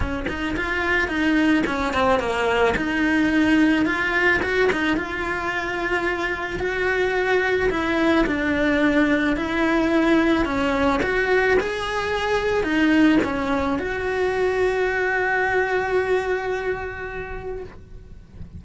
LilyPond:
\new Staff \with { instrumentName = "cello" } { \time 4/4 \tempo 4 = 109 cis'8 dis'8 f'4 dis'4 cis'8 c'8 | ais4 dis'2 f'4 | fis'8 dis'8 f'2. | fis'2 e'4 d'4~ |
d'4 e'2 cis'4 | fis'4 gis'2 dis'4 | cis'4 fis'2.~ | fis'1 | }